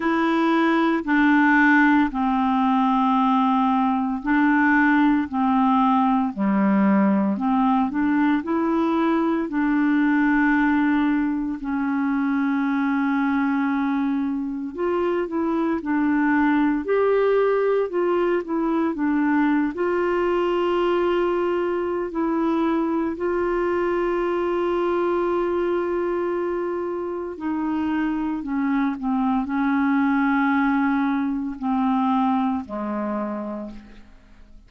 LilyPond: \new Staff \with { instrumentName = "clarinet" } { \time 4/4 \tempo 4 = 57 e'4 d'4 c'2 | d'4 c'4 g4 c'8 d'8 | e'4 d'2 cis'4~ | cis'2 f'8 e'8 d'4 |
g'4 f'8 e'8 d'8. f'4~ f'16~ | f'4 e'4 f'2~ | f'2 dis'4 cis'8 c'8 | cis'2 c'4 gis4 | }